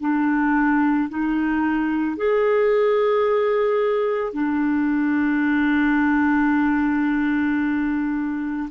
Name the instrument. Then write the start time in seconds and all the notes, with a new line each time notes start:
clarinet
0.00 D4
1.09 D#4
2.17 G#4
4.32 D4